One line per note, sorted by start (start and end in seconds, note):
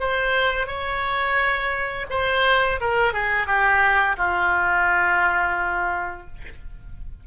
0.00 0.67 C5
0.67 2.06 C#5
2.10 2.80 C5
2.81 3.13 A#4
3.13 3.47 G#4
3.47 4.16 G4
4.17 6.27 F4